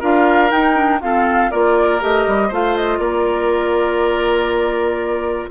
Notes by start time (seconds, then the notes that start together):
0.00 D4 F4 A#4 F5
0.50 D#4 G5
0.75 D4
1.01 C4 F4 A4 F5
1.51 A#3 F4 A#4 D5
2.00 A3 G4 D#5
2.27 G3
2.48 A3 F4 C5 F5
2.77 D#5
2.99 A#3 A#4 D5